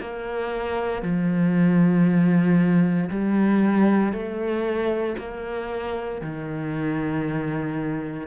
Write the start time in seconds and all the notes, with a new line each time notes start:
0.00 A#3
1.03 F3
3.10 G3
4.12 A3
5.18 A#3
6.21 D#3